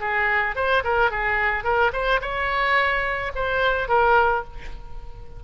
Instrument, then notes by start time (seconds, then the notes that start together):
oboe
0.00 G#4
0.56 C5
0.84 A#4
1.11 G#4
1.64 A#4
1.93 C5
2.21 C#5
3.36 C5
3.89 A#4